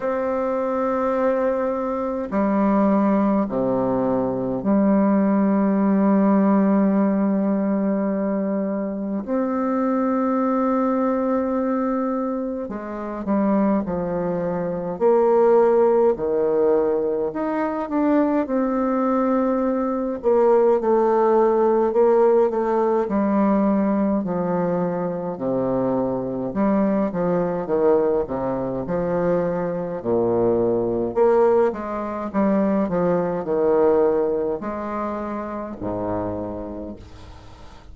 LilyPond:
\new Staff \with { instrumentName = "bassoon" } { \time 4/4 \tempo 4 = 52 c'2 g4 c4 | g1 | c'2. gis8 g8 | f4 ais4 dis4 dis'8 d'8 |
c'4. ais8 a4 ais8 a8 | g4 f4 c4 g8 f8 | dis8 c8 f4 ais,4 ais8 gis8 | g8 f8 dis4 gis4 gis,4 | }